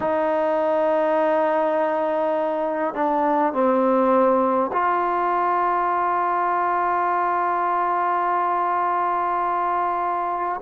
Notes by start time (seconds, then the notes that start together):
0.00 D#4
2.94 D4
3.53 C4
4.72 F4